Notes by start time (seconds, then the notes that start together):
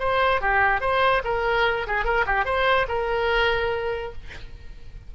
0.00 C5
0.42 G4
0.81 C5
1.25 A#4
1.87 G#4
2.05 A#4
2.27 G4
2.46 C5
2.89 A#4